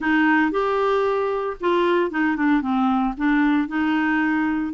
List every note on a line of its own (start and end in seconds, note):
0.00 0.51 D#4
0.51 1.56 G4
1.60 2.11 F4
2.11 2.36 D#4
2.36 2.61 D4
2.61 3.14 C4
3.17 3.68 D4
3.68 4.73 D#4